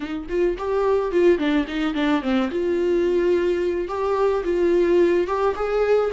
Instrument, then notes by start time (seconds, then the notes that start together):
viola
0.00 D#4
0.29 F4
0.57 G4
1.11 F4
1.38 D4
1.67 D#4
1.94 D4
2.22 C4
2.50 F4
3.88 G4
4.43 F4
5.27 G4
5.55 G#4